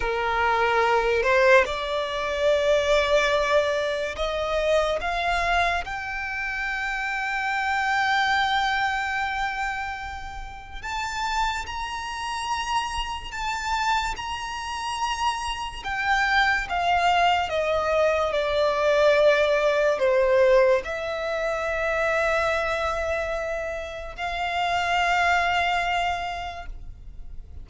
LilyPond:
\new Staff \with { instrumentName = "violin" } { \time 4/4 \tempo 4 = 72 ais'4. c''8 d''2~ | d''4 dis''4 f''4 g''4~ | g''1~ | g''4 a''4 ais''2 |
a''4 ais''2 g''4 | f''4 dis''4 d''2 | c''4 e''2.~ | e''4 f''2. | }